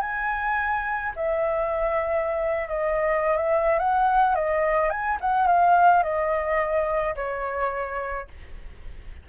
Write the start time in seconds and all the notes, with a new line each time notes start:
0.00 G#5
1.15 E5
2.68 D#5
3.37 E5
3.79 F#5
4.35 D#5
4.90 G#5
5.20 F#5
5.46 F5
6.03 D#5
7.15 C#5